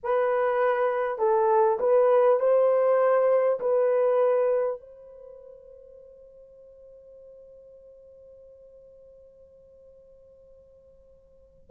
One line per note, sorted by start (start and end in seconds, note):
0.03 1.18 B4
1.18 1.78 A4
1.79 2.39 B4
2.39 3.59 C5
3.60 4.79 B4
4.79 11.69 C5